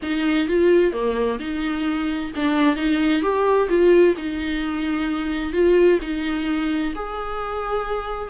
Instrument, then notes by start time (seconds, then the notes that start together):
viola
0.02 D#4
0.48 F4
0.92 A#3
1.39 D#4
2.35 D4
2.76 D#4
3.22 G4
3.68 F4
4.17 D#4
5.53 F4
6.01 D#4
6.95 G#4